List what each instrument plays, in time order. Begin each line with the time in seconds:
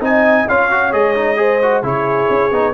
0.00 tuba C4, trombone D#4, horn D#5, trumpet G#5
0.47 tuba C#4, trombone F4, horn C#5, trumpet F5
0.70 trombone F#4
0.92 tuba G#3, trombone G#4, trumpet D#5
1.15 trombone D#4
1.36 trombone G#4, horn C5
1.62 trombone F#4
1.82 tuba C#3, trombone E4, horn G#4, trumpet C#5
2.30 tuba C#4
2.51 tuba B3, trombone D#4